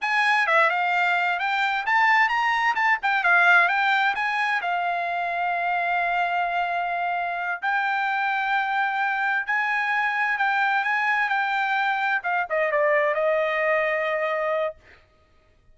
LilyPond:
\new Staff \with { instrumentName = "trumpet" } { \time 4/4 \tempo 4 = 130 gis''4 e''8 f''4. g''4 | a''4 ais''4 a''8 g''8 f''4 | g''4 gis''4 f''2~ | f''1~ |
f''8 g''2.~ g''8~ | g''8 gis''2 g''4 gis''8~ | gis''8 g''2 f''8 dis''8 d''8~ | d''8 dis''2.~ dis''8 | }